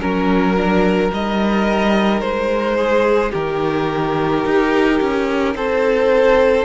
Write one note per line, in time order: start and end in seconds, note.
0.00 1.11 F#3
0.00 0.56 C#4
0.00 1.12 A#4
0.00 2.77 A#4
0.57 1.12 D4
1.12 2.22 G3
1.12 6.65 D#4
1.12 2.21 D#5
2.21 3.33 G#3
2.21 3.32 C5
2.77 3.32 G#4
3.32 4.45 D#3
3.32 5.54 G4
3.32 5.56 A#4
4.45 5.01 D#4
5.01 5.55 C#4
5.55 6.65 C4
5.55 6.65 A4
5.55 6.65 C5